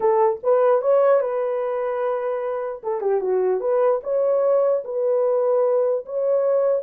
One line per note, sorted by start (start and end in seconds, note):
0.00 0.40 A4
0.43 0.81 B4
0.81 1.21 C#5
1.21 2.82 B4
2.83 3.00 A4
3.00 3.20 G4
3.20 3.60 F#4
3.60 4.00 B4
4.03 4.83 C#5
4.84 6.05 B4
6.05 6.82 C#5